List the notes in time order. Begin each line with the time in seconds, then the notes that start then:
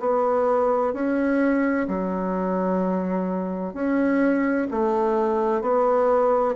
0.00 B3
0.94 C#4
1.88 F#3
3.74 C#4
4.71 A3
5.62 B3